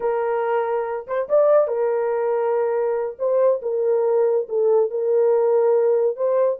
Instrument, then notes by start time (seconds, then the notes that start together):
horn
0.00 A#4
1.07 C5
1.28 D5
1.67 A#4
3.18 C5
3.62 A#4
4.49 A4
4.90 A#4
6.16 C5